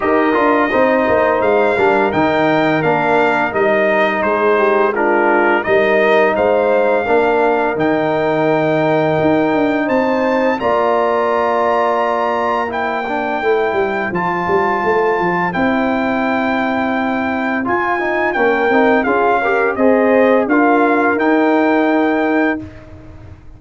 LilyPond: <<
  \new Staff \with { instrumentName = "trumpet" } { \time 4/4 \tempo 4 = 85 dis''2 f''4 g''4 | f''4 dis''4 c''4 ais'4 | dis''4 f''2 g''4~ | g''2 a''4 ais''4~ |
ais''2 g''2 | a''2 g''2~ | g''4 gis''4 g''4 f''4 | dis''4 f''4 g''2 | }
  \new Staff \with { instrumentName = "horn" } { \time 4/4 ais'4 c''4. ais'4.~ | ais'2 gis'8 g'8 f'4 | ais'4 c''4 ais'2~ | ais'2 c''4 d''4~ |
d''2 c''2~ | c''1~ | c''2 ais'4 gis'8 ais'8 | c''4 ais'2. | }
  \new Staff \with { instrumentName = "trombone" } { \time 4/4 g'8 f'8 dis'4. d'8 dis'4 | d'4 dis'2 d'4 | dis'2 d'4 dis'4~ | dis'2. f'4~ |
f'2 e'8 d'8 e'4 | f'2 e'2~ | e'4 f'8 dis'8 cis'8 dis'8 f'8 g'8 | gis'4 f'4 dis'2 | }
  \new Staff \with { instrumentName = "tuba" } { \time 4/4 dis'8 d'8 c'8 ais8 gis8 g8 dis4 | ais4 g4 gis2 | g4 gis4 ais4 dis4~ | dis4 dis'8 d'8 c'4 ais4~ |
ais2. a8 g8 | f8 g8 a8 f8 c'2~ | c'4 f'4 ais8 c'8 cis'4 | c'4 d'4 dis'2 | }
>>